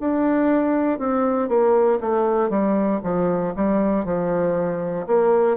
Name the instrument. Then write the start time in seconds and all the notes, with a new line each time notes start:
bassoon
0.00 D4
0.99 C4
1.48 A#3
2.01 A3
2.50 G3
3.03 F3
3.56 G3
4.05 F3
5.07 A#3